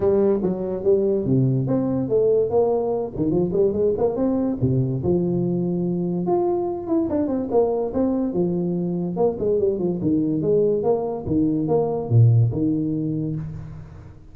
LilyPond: \new Staff \with { instrumentName = "tuba" } { \time 4/4 \tempo 4 = 144 g4 fis4 g4 c4 | c'4 a4 ais4. dis8 | f8 g8 gis8 ais8 c'4 c4 | f2. f'4~ |
f'8 e'8 d'8 c'8 ais4 c'4 | f2 ais8 gis8 g8 f8 | dis4 gis4 ais4 dis4 | ais4 ais,4 dis2 | }